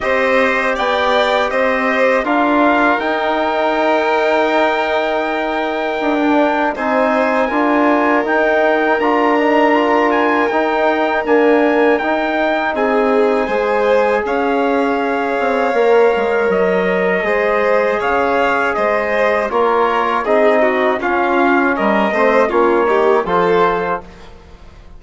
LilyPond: <<
  \new Staff \with { instrumentName = "trumpet" } { \time 4/4 \tempo 4 = 80 dis''4 g''4 dis''4 f''4 | g''1~ | g''4 gis''2 g''4 | ais''4. gis''8 g''4 gis''4 |
g''4 gis''2 f''4~ | f''2 dis''2 | f''4 dis''4 cis''4 dis''4 | f''4 dis''4 cis''4 c''4 | }
  \new Staff \with { instrumentName = "violin" } { \time 4/4 c''4 d''4 c''4 ais'4~ | ais'1~ | ais'4 c''4 ais'2~ | ais'1~ |
ais'4 gis'4 c''4 cis''4~ | cis''2. c''4 | cis''4 c''4 ais'4 gis'8 fis'8 | f'4 ais'8 c''8 f'8 g'8 a'4 | }
  \new Staff \with { instrumentName = "trombone" } { \time 4/4 g'2. f'4 | dis'1~ | dis'16 d'8. dis'4 f'4 dis'4 | f'8 dis'8 f'4 dis'4 ais4 |
dis'2 gis'2~ | gis'4 ais'2 gis'4~ | gis'2 f'4 dis'4 | cis'4. c'8 cis'8 dis'8 f'4 | }
  \new Staff \with { instrumentName = "bassoon" } { \time 4/4 c'4 b4 c'4 d'4 | dis'1 | d'4 c'4 d'4 dis'4 | d'2 dis'4 d'4 |
dis'4 c'4 gis4 cis'4~ | cis'8 c'8 ais8 gis8 fis4 gis4 | cis4 gis4 ais4 c'4 | cis'4 g8 a8 ais4 f4 | }
>>